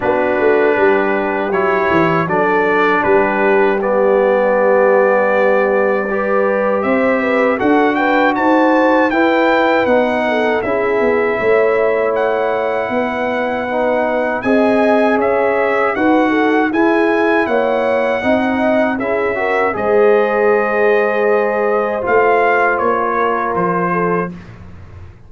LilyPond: <<
  \new Staff \with { instrumentName = "trumpet" } { \time 4/4 \tempo 4 = 79 b'2 cis''4 d''4 | b'4 d''2.~ | d''4 e''4 fis''8 g''8 a''4 | g''4 fis''4 e''2 |
fis''2. gis''4 | e''4 fis''4 gis''4 fis''4~ | fis''4 e''4 dis''2~ | dis''4 f''4 cis''4 c''4 | }
  \new Staff \with { instrumentName = "horn" } { \time 4/4 fis'4 g'2 a'4 | g'1 | b'4 c''8 b'8 a'8 b'8 c''4 | b'4. a'8 gis'4 cis''4~ |
cis''4 b'2 dis''4 | cis''4 b'8 a'8 gis'4 cis''4 | dis''4 gis'8 ais'8 c''2~ | c''2~ c''8 ais'4 a'8 | }
  \new Staff \with { instrumentName = "trombone" } { \time 4/4 d'2 e'4 d'4~ | d'4 b2. | g'2 fis'2 | e'4 dis'4 e'2~ |
e'2 dis'4 gis'4~ | gis'4 fis'4 e'2 | dis'4 e'8 fis'8 gis'2~ | gis'4 f'2. | }
  \new Staff \with { instrumentName = "tuba" } { \time 4/4 b8 a8 g4 fis8 e8 fis4 | g1~ | g4 c'4 d'4 dis'4 | e'4 b4 cis'8 b8 a4~ |
a4 b2 c'4 | cis'4 dis'4 e'4 ais4 | c'4 cis'4 gis2~ | gis4 a4 ais4 f4 | }
>>